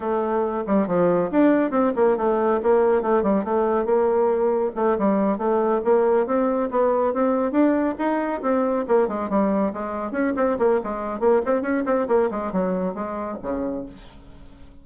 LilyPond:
\new Staff \with { instrumentName = "bassoon" } { \time 4/4 \tempo 4 = 139 a4. g8 f4 d'4 | c'8 ais8 a4 ais4 a8 g8 | a4 ais2 a8 g8~ | g8 a4 ais4 c'4 b8~ |
b8 c'4 d'4 dis'4 c'8~ | c'8 ais8 gis8 g4 gis4 cis'8 | c'8 ais8 gis4 ais8 c'8 cis'8 c'8 | ais8 gis8 fis4 gis4 cis4 | }